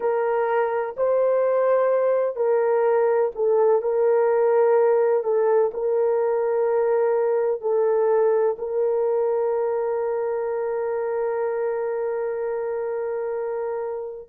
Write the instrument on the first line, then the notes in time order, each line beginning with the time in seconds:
horn
0.00 A#4
0.97 C5
2.35 A#4
3.35 A4
3.81 A#4
5.23 A4
5.73 A#4
7.61 A4
8.58 A#4